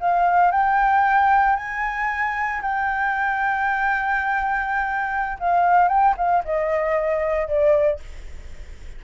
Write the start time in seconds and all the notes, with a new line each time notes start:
0.00 F5
0.51 G5
1.56 G#5
2.62 G5
5.39 F5
5.88 G5
6.17 F5
6.44 D#5
7.47 D5